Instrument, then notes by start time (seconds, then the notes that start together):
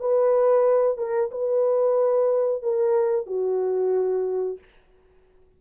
horn
0.00 B4
0.97 A#4
1.31 B4
2.62 A#4
3.26 F#4